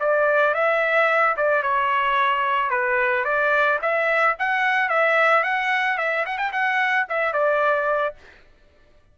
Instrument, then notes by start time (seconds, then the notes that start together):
trumpet
0.00 D5
0.54 E5
1.37 D5
1.63 C#5
2.70 B4
3.25 D5
3.82 E5
4.39 F#5
4.89 E5
5.43 F#5
5.98 E5
6.26 F#5
6.38 G5
6.52 F#5
7.09 E5
7.33 D5